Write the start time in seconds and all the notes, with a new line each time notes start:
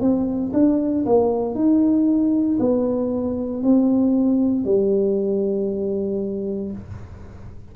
0.00 C4
0.53 D4
1.05 A#3
1.55 D#4
2.59 B3
3.62 C4
4.65 G3